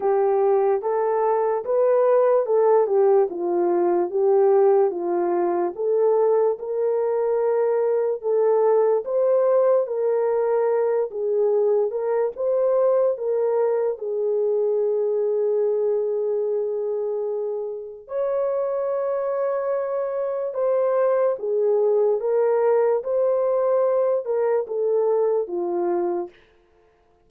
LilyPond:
\new Staff \with { instrumentName = "horn" } { \time 4/4 \tempo 4 = 73 g'4 a'4 b'4 a'8 g'8 | f'4 g'4 f'4 a'4 | ais'2 a'4 c''4 | ais'4. gis'4 ais'8 c''4 |
ais'4 gis'2.~ | gis'2 cis''2~ | cis''4 c''4 gis'4 ais'4 | c''4. ais'8 a'4 f'4 | }